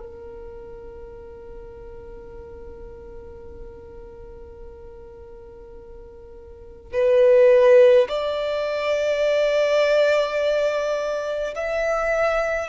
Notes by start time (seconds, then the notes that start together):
0.00 A#4
6.93 B4
8.08 D5
11.55 E5